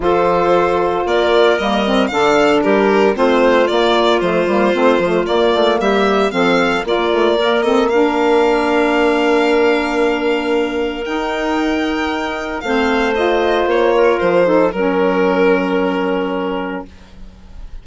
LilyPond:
<<
  \new Staff \with { instrumentName = "violin" } { \time 4/4 \tempo 4 = 114 c''2 d''4 dis''4 | f''4 ais'4 c''4 d''4 | c''2 d''4 e''4 | f''4 d''4. dis''8 f''4~ |
f''1~ | f''4 g''2. | f''4 dis''4 cis''4 c''4 | ais'1 | }
  \new Staff \with { instrumentName = "clarinet" } { \time 4/4 a'2 ais'2 | a'4 g'4 f'2~ | f'2. g'4 | a'4 f'4 ais'8 a'8 ais'4~ |
ais'1~ | ais'1 | c''2~ c''8 ais'4 a'8 | ais'1 | }
  \new Staff \with { instrumentName = "saxophone" } { \time 4/4 f'2. ais8 c'8 | d'2 c'4 ais4 | a8 ais8 c'8 a8 ais2 | c'4 ais8 a8 ais8 c'8 d'4~ |
d'1~ | d'4 dis'2. | c'4 f'2~ f'8 dis'8 | cis'1 | }
  \new Staff \with { instrumentName = "bassoon" } { \time 4/4 f2 ais4 g4 | d4 g4 a4 ais4 | f8 g8 a8 f8 ais8 a8 g4 | f4 ais2.~ |
ais1~ | ais4 dis'2. | a2 ais4 f4 | fis1 | }
>>